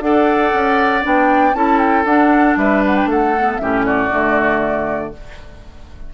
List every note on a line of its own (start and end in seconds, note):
0.00 0.51 D4
0.00 1.01 A4
0.00 1.56 D5
0.00 1.03 F#5
0.53 1.04 C#4
1.01 1.53 B3
1.01 1.53 D4
1.01 1.54 G5
1.53 2.04 C#4
1.53 2.05 E4
1.53 2.58 A4
1.53 1.78 A5
1.78 2.04 G5
2.04 2.56 D4
2.04 3.36 D4
2.04 2.57 F#5
2.56 3.05 G3
2.56 3.09 B4
2.56 2.83 E5
2.85 2.96 F#5
2.96 3.09 G5
3.05 3.56 A3
3.05 3.61 A4
3.05 3.58 F#5
3.38 3.60 B3
3.58 4.10 A2
3.58 4.10 C#4
3.58 3.85 G4
3.58 3.83 E5
3.85 5.13 F#4
3.85 5.13 D5
4.10 5.12 D3
4.10 5.13 A3